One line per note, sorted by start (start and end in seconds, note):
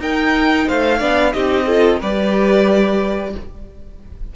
0.00 0.67 D#4
0.00 1.01 D#4
0.00 0.67 A#4
0.00 0.69 G5
0.67 1.01 A3
0.67 0.99 C5
0.67 1.33 F5
0.99 1.34 B3
0.99 1.33 D4
0.99 1.32 D5
1.33 2.01 C4
1.33 1.66 D#4
1.33 1.67 G4
1.33 2.00 D#5
1.67 2.01 F4
1.67 2.00 A4
2.00 3.35 G3
2.00 3.35 G4
2.00 3.33 B4
2.00 3.36 D5